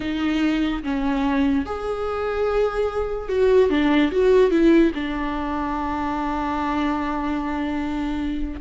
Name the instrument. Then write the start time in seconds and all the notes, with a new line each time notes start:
viola
0.00 D#4
0.83 C#4
1.65 G#4
3.28 F#4
3.70 D4
4.11 F#4
4.50 E4
4.94 D4